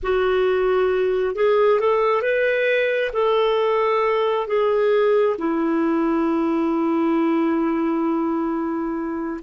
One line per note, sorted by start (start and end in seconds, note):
0.02 1.35 F#4
1.35 1.80 G#4
1.80 2.21 A4
2.21 3.11 B4
3.13 4.47 A4
4.47 5.36 G#4
5.37 9.40 E4